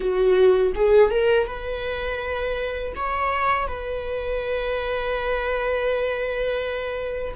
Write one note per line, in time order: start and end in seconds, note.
0.00 0.72 F#4
0.75 1.10 G#4
1.10 1.46 A#4
1.46 2.93 B4
2.95 3.67 C#5
3.67 7.33 B4